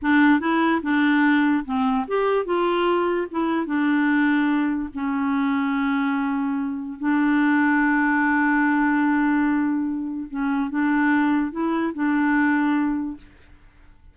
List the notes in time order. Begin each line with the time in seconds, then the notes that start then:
0.01 D4
0.40 E4
0.82 D4
1.64 C4
2.07 G4
2.45 F4
3.30 E4
3.66 D4
4.94 C#4
6.98 D4
10.29 C#4
10.70 D4
11.51 E4
11.93 D4